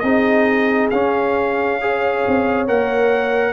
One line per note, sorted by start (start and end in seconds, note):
0.00 0.92 C4
0.00 0.93 D#4
0.00 1.81 G#4
0.00 0.88 D#5
0.91 2.25 C#4
0.91 1.81 C#4
0.91 2.67 F5
1.81 2.68 G#4
1.81 3.53 C#5
2.28 2.70 C4
2.68 3.53 A#3
2.68 3.53 A#4
2.68 3.53 F#5